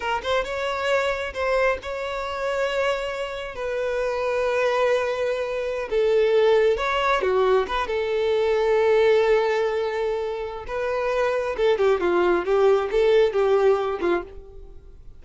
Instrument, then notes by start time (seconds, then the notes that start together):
violin
0.00 A#4
0.23 C5
0.44 C#5
1.33 C5
1.82 C#5
3.55 B4
5.90 A4
6.77 C#5
7.21 F#4
7.67 B4
7.87 A4
10.67 B4
11.56 A4
11.78 G4
12.00 F4
12.45 G4
12.91 A4
13.33 G4
14.00 F4